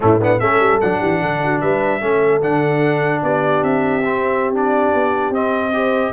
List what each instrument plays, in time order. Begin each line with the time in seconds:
0.00 tuba A2, trombone A3, horn C#4, trumpet E4
0.20 trombone B3, horn D4, trumpet F#5
0.39 tuba A3, trombone C#4, horn A4, trumpet E5
0.59 tuba G3
0.80 tuba F#3, trombone D4, trumpet F#5
1.00 tuba E3, horn G4
1.21 tuba D3, horn A4
1.44 horn F#4
1.60 tuba G3, horn B4, trumpet E5
2.00 tuba A3, trombone C#4, horn A4
2.41 tuba D3, trombone D4, trumpet F#5
3.22 tuba B3, horn G4, trumpet D5
3.62 tuba C4, trumpet E5
4.05 trombone C4
4.53 trombone D4, trumpet D5
4.93 tuba B3
5.30 tuba C4, trombone C4, trumpet D#5
5.73 trombone G4, horn C5